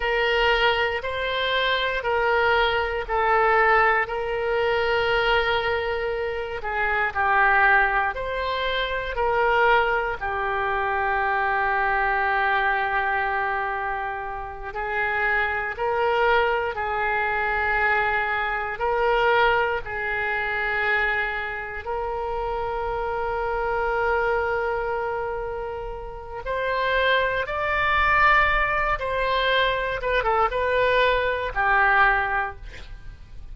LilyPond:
\new Staff \with { instrumentName = "oboe" } { \time 4/4 \tempo 4 = 59 ais'4 c''4 ais'4 a'4 | ais'2~ ais'8 gis'8 g'4 | c''4 ais'4 g'2~ | g'2~ g'8 gis'4 ais'8~ |
ais'8 gis'2 ais'4 gis'8~ | gis'4. ais'2~ ais'8~ | ais'2 c''4 d''4~ | d''8 c''4 b'16 a'16 b'4 g'4 | }